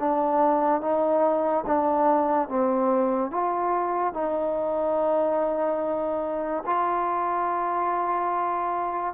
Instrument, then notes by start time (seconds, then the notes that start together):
trombone
0.00 D4
0.81 D#4
1.67 D4
2.48 C4
3.31 F4
4.14 D#4
6.66 F4